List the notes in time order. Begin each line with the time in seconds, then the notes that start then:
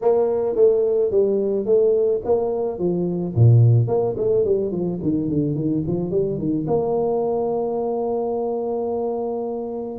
0.01 A#3
0.55 A3
1.10 G3
1.65 A3
2.24 A#3
2.79 F3
3.35 A#2
3.87 A#3
4.17 A3
4.44 G3
4.71 F3
5.02 D#3
5.29 D3
5.55 D#3
5.87 F3
6.10 G3
6.38 D#3
6.67 A#3